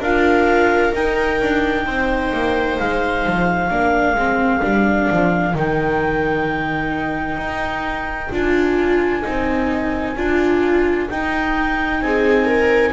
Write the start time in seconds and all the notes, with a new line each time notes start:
0.00 D4 F4 A#4 F5
0.92 D#4 G5
1.42 D4
1.86 C4 C5
2.33 A#3
2.79 G#3 F5
3.27 F3
3.69 A#3 D4 A#4
4.15 G#3 C4
4.62 G3 D4
5.11 F3
5.54 D#3 D#4 G5
7.37 D#4
8.32 D4 F4 G#5
9.23 C4 D#4
10.17 D4 F4
11.10 D#4 G5
12.02 C4 G#4 G#5
12.46 A#4